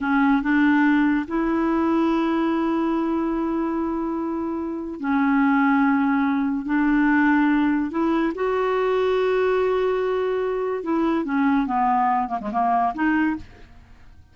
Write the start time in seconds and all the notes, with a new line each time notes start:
0.01 C#4
0.42 D4
1.27 E4
5.00 C#4
6.65 D4
7.91 E4
8.34 F#4
10.83 E4
11.25 C#4
11.66 B3
12.28 A#3
12.41 G#3
12.52 A#3
12.94 D#4